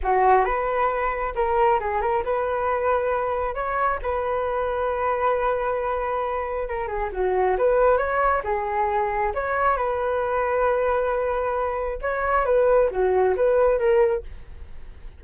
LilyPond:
\new Staff \with { instrumentName = "flute" } { \time 4/4 \tempo 4 = 135 fis'4 b'2 ais'4 | gis'8 ais'8 b'2. | cis''4 b'2.~ | b'2. ais'8 gis'8 |
fis'4 b'4 cis''4 gis'4~ | gis'4 cis''4 b'2~ | b'2. cis''4 | b'4 fis'4 b'4 ais'4 | }